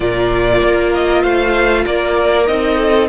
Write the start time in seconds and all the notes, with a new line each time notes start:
0.00 A#2 F4 A#4 D5
0.62 A#3
0.93 D#5
1.22 A3 C5 F5
1.85 A#3 A#4 D5
2.46 C4 D#4 D#5
2.77 A4